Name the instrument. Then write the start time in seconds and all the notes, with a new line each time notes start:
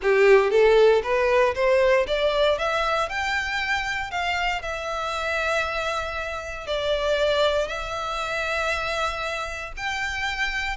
violin
0.02 G4
0.50 A4
1.03 B4
1.55 C5
2.07 D5
2.58 E5
3.09 G5
4.10 F5
4.62 E5
6.66 D5
7.67 E5
9.76 G5